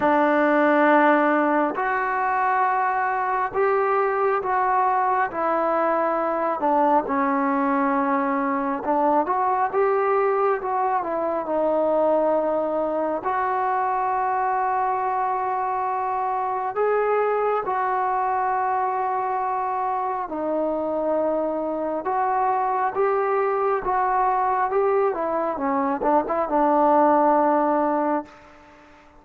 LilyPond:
\new Staff \with { instrumentName = "trombone" } { \time 4/4 \tempo 4 = 68 d'2 fis'2 | g'4 fis'4 e'4. d'8 | cis'2 d'8 fis'8 g'4 | fis'8 e'8 dis'2 fis'4~ |
fis'2. gis'4 | fis'2. dis'4~ | dis'4 fis'4 g'4 fis'4 | g'8 e'8 cis'8 d'16 e'16 d'2 | }